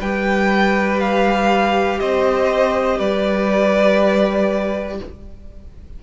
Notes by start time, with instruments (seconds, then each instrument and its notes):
0.00 cello G3, viola G4, violin B4 G5
1.00 violin F5
2.00 cello C4, violin C5 D#5
2.98 cello G3, violin B4 D5